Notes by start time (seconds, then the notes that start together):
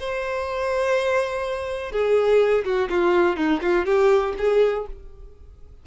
0.00 C5
1.92 G#4
2.65 F#4
2.90 F4
3.37 D#4
3.62 F4
3.86 G4
4.38 G#4